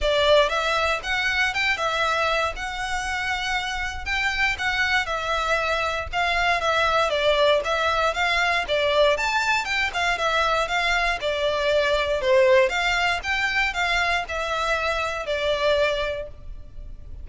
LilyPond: \new Staff \with { instrumentName = "violin" } { \time 4/4 \tempo 4 = 118 d''4 e''4 fis''4 g''8 e''8~ | e''4 fis''2. | g''4 fis''4 e''2 | f''4 e''4 d''4 e''4 |
f''4 d''4 a''4 g''8 f''8 | e''4 f''4 d''2 | c''4 f''4 g''4 f''4 | e''2 d''2 | }